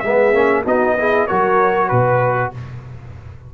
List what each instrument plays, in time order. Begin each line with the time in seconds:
0.00 tuba G#3, trombone B3, horn G#4, trumpet E5
0.34 tuba A#3, trombone C#4
0.64 tuba B3, trombone D#4, horn F#4, trumpet D#5
0.98 trombone E4, horn G#4
1.27 tuba F#3, trombone F#4, horn A#4, trumpet C#5
1.89 tuba B2, trumpet B4, horn B4